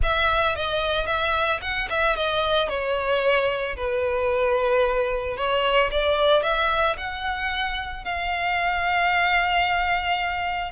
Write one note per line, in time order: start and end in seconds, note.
0.02 0.55 E5
0.55 1.06 D#5
1.06 1.59 E5
1.61 1.88 F#5
1.89 2.16 E5
2.16 2.68 D#5
2.68 3.75 C#5
3.76 5.36 B4
5.36 5.90 C#5
5.91 6.42 D5
6.42 6.96 E5
6.97 8.04 F#5
8.04 10.71 F5